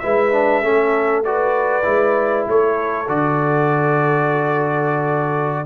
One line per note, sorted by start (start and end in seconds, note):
0.00 0.62 G#3
0.00 0.32 E4
0.00 0.65 B4
0.00 1.22 E5
0.32 0.63 D4
0.62 1.84 A3
0.62 1.24 C#4
0.62 1.26 A4
1.24 1.83 F#4
1.24 2.49 B4
1.24 2.47 D5
1.83 2.47 G#3
1.83 3.06 E4
2.48 3.08 A3
2.48 5.66 A4
2.48 3.09 C#5
3.08 5.66 D3
3.08 5.66 F#4
3.08 5.66 D5